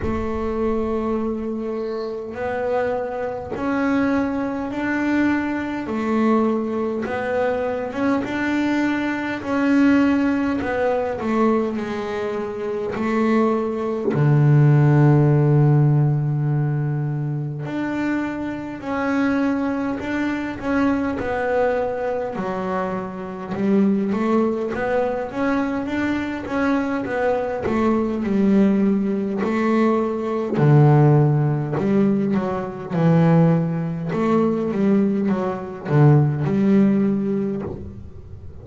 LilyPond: \new Staff \with { instrumentName = "double bass" } { \time 4/4 \tempo 4 = 51 a2 b4 cis'4 | d'4 a4 b8. cis'16 d'4 | cis'4 b8 a8 gis4 a4 | d2. d'4 |
cis'4 d'8 cis'8 b4 fis4 | g8 a8 b8 cis'8 d'8 cis'8 b8 a8 | g4 a4 d4 g8 fis8 | e4 a8 g8 fis8 d8 g4 | }